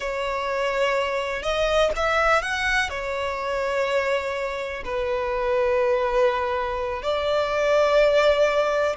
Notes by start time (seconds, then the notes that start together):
0.00 C#5
1.42 D#5
1.96 E5
2.41 F#5
2.89 C#5
4.84 B4
7.02 D5